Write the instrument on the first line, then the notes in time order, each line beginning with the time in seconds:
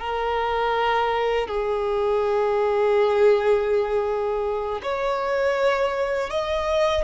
violin
0.00 A#4
1.48 G#4
4.84 C#5
6.31 D#5